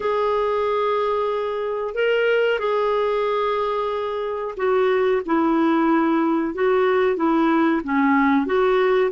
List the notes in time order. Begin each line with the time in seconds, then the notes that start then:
0.00 G#4
1.94 A#4
2.59 G#4
4.57 F#4
5.25 E4
6.54 F#4
7.16 E4
7.83 C#4
8.46 F#4